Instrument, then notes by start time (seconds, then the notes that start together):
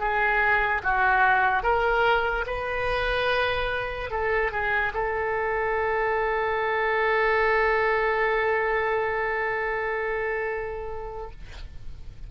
oboe
0.00 G#4
0.84 F#4
1.63 A#4
2.47 B4
4.11 A4
4.52 G#4
4.94 A4